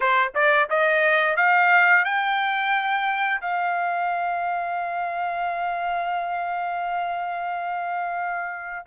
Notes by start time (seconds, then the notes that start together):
0.00 C5
0.34 D5
0.69 D#5
1.36 F5
2.05 G5
3.40 F5